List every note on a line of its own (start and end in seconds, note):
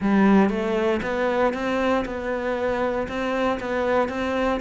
0.00 0.49 G3
0.49 1.00 A3
1.02 1.53 B3
1.53 2.05 C4
2.05 3.07 B3
3.08 3.59 C4
3.59 4.08 B3
4.08 4.59 C4